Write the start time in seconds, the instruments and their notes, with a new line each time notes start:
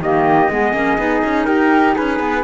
0.00 cello D#3, clarinet A#3, flute G4, trumpet D#5
0.50 cello G#3, clarinet B3, flute G#4
0.74 cello A#3, clarinet C#4
0.98 cello B3, clarinet D#4
1.24 cello C#4
1.45 cello D#4, flute G4, trumpet A#4
1.95 cello C#4, flute G#4, trumpet B4
2.20 cello B3